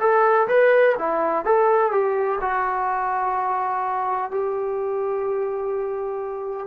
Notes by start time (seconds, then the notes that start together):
0.00 A4
0.48 B4
0.99 E4
1.45 A4
1.91 G4
2.41 F#4
4.31 G4